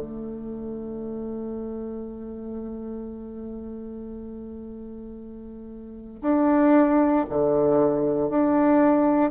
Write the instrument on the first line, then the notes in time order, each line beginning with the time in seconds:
bassoon
0.00 A3
6.22 D4
7.30 D3
8.29 D4